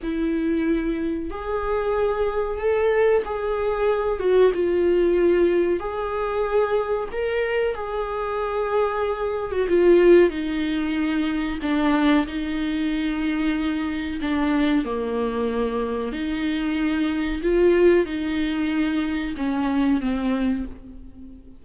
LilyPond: \new Staff \with { instrumentName = "viola" } { \time 4/4 \tempo 4 = 93 e'2 gis'2 | a'4 gis'4. fis'8 f'4~ | f'4 gis'2 ais'4 | gis'2~ gis'8. fis'16 f'4 |
dis'2 d'4 dis'4~ | dis'2 d'4 ais4~ | ais4 dis'2 f'4 | dis'2 cis'4 c'4 | }